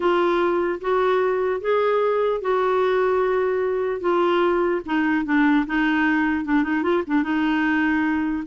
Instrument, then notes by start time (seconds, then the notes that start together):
clarinet
0.00 F4
0.81 F#4
1.61 G#4
2.41 F#4
4.00 F4
4.85 D#4
5.25 D4
5.66 D#4
6.44 D4
6.63 D#4
6.82 F4
7.06 D4
7.23 D#4